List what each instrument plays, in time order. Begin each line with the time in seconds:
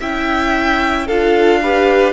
0.00 cello C#4, viola E4, violin E5 G5
1.07 cello D4, viola F4, violin A4 F5
1.63 viola G4, violin B4